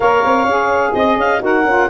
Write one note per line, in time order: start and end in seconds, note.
0.00 0.22 A#3
0.00 0.47 A#4
0.00 0.90 C#5
0.00 0.93 F5
0.24 0.44 C4
0.44 0.92 C#4
0.44 1.38 G#4
0.93 1.17 C4
0.93 1.17 D#5
0.93 1.42 D#5
1.17 1.40 C#4
1.17 1.42 F5
1.38 1.64 D#4
1.38 1.62 F#4
1.38 1.89 A#4
1.38 1.89 F#5
1.64 1.87 C#4
1.64 1.89 F4